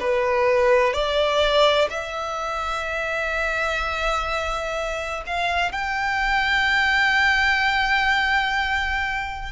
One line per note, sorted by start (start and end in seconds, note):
0.00 0.94 B4
0.94 1.89 D5
1.90 5.24 E5
5.26 5.72 F5
5.72 9.52 G5